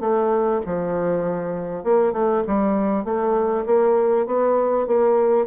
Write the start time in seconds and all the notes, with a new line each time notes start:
0.00 A3
0.65 F3
1.83 A#3
2.12 A3
2.47 G3
3.04 A3
3.65 A#3
4.26 B3
4.87 A#3